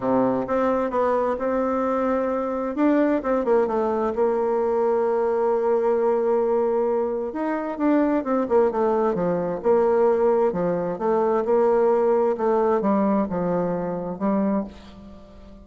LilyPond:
\new Staff \with { instrumentName = "bassoon" } { \time 4/4 \tempo 4 = 131 c4 c'4 b4 c'4~ | c'2 d'4 c'8 ais8 | a4 ais2.~ | ais1 |
dis'4 d'4 c'8 ais8 a4 | f4 ais2 f4 | a4 ais2 a4 | g4 f2 g4 | }